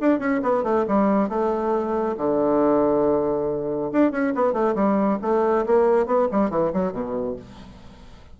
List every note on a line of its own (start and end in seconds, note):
0.00 0.19 D4
0.19 0.41 C#4
0.42 0.63 B3
0.63 0.85 A3
0.88 1.29 G3
1.29 2.16 A3
2.17 3.91 D3
3.92 4.11 D4
4.11 4.33 C#4
4.35 4.53 B3
4.53 4.75 A3
4.75 5.18 G3
5.22 5.65 A3
5.66 6.06 A#3
6.06 6.28 B3
6.31 6.50 G3
6.50 6.72 E3
6.73 6.92 F#3
6.92 7.36 B2